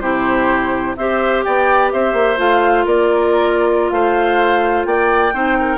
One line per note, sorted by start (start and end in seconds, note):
0.00 0.95 C3
0.00 0.96 E4
0.00 0.96 G4
0.00 0.94 C5
0.96 1.44 C4
0.96 2.37 G4
0.96 1.45 C5
0.96 1.43 E5
1.43 1.93 B3
1.43 1.92 D5
1.43 1.91 G5
1.92 2.13 C4
1.92 2.85 C5
1.92 2.39 E5
2.13 2.37 A#3
2.37 2.85 A3
2.37 5.32 F4
2.37 2.87 F5
2.85 3.91 A#3
2.85 3.92 A#4
2.85 3.90 D5
3.90 4.85 A3
3.90 4.87 C5
3.90 4.84 F5
4.85 5.33 A#3
4.85 5.34 D5
4.85 5.77 G5
5.33 5.77 C4
5.33 5.77 D#4
5.33 5.57 C5
5.59 5.77 A#4